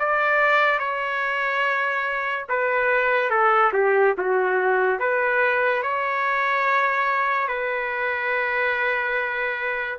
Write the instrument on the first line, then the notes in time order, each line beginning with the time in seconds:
trumpet
0.00 D5
0.80 C#5
2.50 B4
3.31 A4
3.73 G4
4.18 F#4
5.00 B4
5.83 C#5
7.48 B4